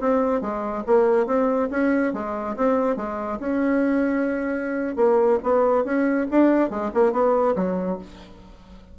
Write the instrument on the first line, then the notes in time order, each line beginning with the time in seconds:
bassoon
0.00 C4
0.41 G#3
0.86 A#3
1.26 C4
1.70 C#4
2.13 G#3
2.56 C4
2.96 G#3
3.39 C#4
4.96 A#3
5.43 B3
5.84 C#4
6.31 D4
6.70 G#3
6.94 A#3
7.12 B3
7.56 F#3